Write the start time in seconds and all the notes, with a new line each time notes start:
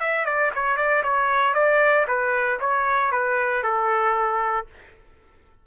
0.00 E5
0.25 D5
0.55 C#5
0.77 D5
1.03 C#5
1.54 D5
2.08 B4
2.60 C#5
3.12 B4
3.63 A4